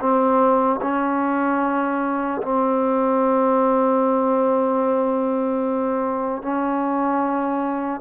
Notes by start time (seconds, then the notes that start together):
0.00 C4
0.82 C#4
2.42 C4
6.42 C#4